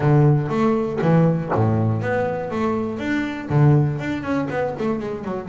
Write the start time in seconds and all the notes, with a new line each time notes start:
0.00 D3
0.49 A3
1.01 E3
1.55 A2
2.01 B3
2.50 A3
2.98 D4
3.49 D3
3.99 D4
4.22 C#4
4.50 B3
4.78 A3
4.99 G#3
5.24 F#3